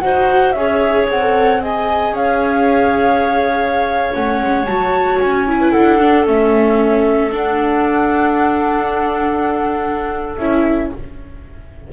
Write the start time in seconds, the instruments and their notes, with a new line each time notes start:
0.00 double bass D#4, viola F#4, clarinet C5, flute F#5
0.52 double bass C#4, viola G#4, clarinet C#5, flute E5
1.09 double bass C4, flute F#5
1.21 viola A4
1.61 viola G#4, clarinet D#5, flute G#5
2.12 double bass C#4, clarinet C#5, flute F5
4.13 double bass A3, viola C#4, flute F#5
4.42 double bass G#3
4.65 double bass F#3, viola F#4, flute A5
5.20 double bass C#4, flute G#5
5.48 viola E4
5.60 clarinet B4
5.72 double bass D4, clarinet A4, flute F#5
6.00 viola D4
6.24 double bass A3, viola C#4, flute E5
7.31 viola D4, double bass D4, flute F#5
10.37 double bass C#4, viola E4, flute E5